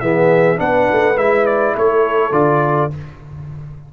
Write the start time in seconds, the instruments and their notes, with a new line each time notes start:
0.00 tuba E3, trombone B3, horn G#4, trumpet E5
0.56 tuba B3, trombone D4, horn B4, trumpet F#5
0.92 tuba A3
1.16 tuba G#3, trombone E4, trumpet E5
1.46 trumpet D5
1.75 tuba A3, horn A4, trumpet C#5
2.31 tuba D3, trombone F4, trumpet D5